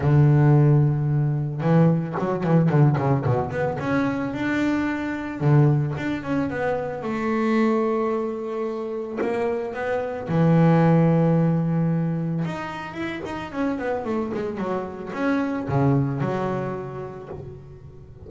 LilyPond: \new Staff \with { instrumentName = "double bass" } { \time 4/4 \tempo 4 = 111 d2. e4 | fis8 e8 d8 cis8 b,8 b8 cis'4 | d'2 d4 d'8 cis'8 | b4 a2.~ |
a4 ais4 b4 e4~ | e2. dis'4 | e'8 dis'8 cis'8 b8 a8 gis8 fis4 | cis'4 cis4 fis2 | }